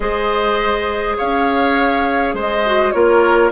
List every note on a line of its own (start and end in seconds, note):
0.00 1.16 G#3
0.00 2.64 G#4
0.00 1.17 C5
0.00 1.16 D#5
1.17 2.33 C#4
1.17 2.34 C#5
1.17 2.36 F5
2.33 2.92 G#3
2.33 2.93 C5
2.33 2.91 D#5
2.65 2.93 F#4
2.91 3.51 A#3
2.91 3.51 F4
2.91 3.51 A#4
2.91 3.50 C#5